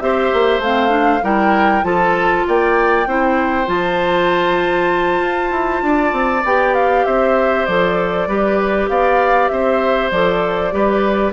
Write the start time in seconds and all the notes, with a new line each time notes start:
0.00 C4 G4 C5 E5
0.34 A#3
0.60 A3 C4 F5
0.89 D4
1.23 G3 E4 A#4 G5
1.83 F3 F4 A4 A5
2.48 A#3 D5 G5
3.07 C4 E4 C5
3.66 F3 F4 A5
5.21 F4
5.51 E4
5.82 D4 D5
6.13 C4
6.45 B3 G4 G5
6.75 F5
7.05 C4 C5 E5
7.66 F3 A4 D5
8.28 G3 G4 B4
8.89 B3 D5 F5
9.49 C4 C5 E5
10.11 F3 A4 D5
10.72 G3 G4 B4